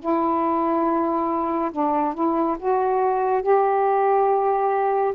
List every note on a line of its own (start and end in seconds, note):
0.00 1.71 E4
1.72 2.14 D4
2.14 2.57 E4
2.59 3.42 F#4
3.42 5.14 G4